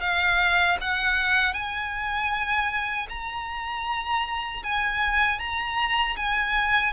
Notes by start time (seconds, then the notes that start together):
0.00 F5
0.80 F#5
1.53 G#5
3.09 A#5
4.63 G#5
5.39 A#5
6.16 G#5